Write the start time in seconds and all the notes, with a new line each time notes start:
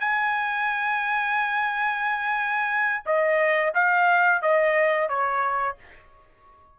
0.00 G#5
3.06 D#5
3.74 F5
4.42 D#5
5.09 C#5